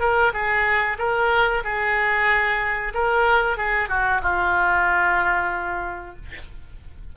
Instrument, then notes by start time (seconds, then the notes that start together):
oboe
0.00 A#4
0.33 G#4
0.98 A#4
1.64 G#4
2.94 A#4
3.57 G#4
3.89 F#4
4.22 F4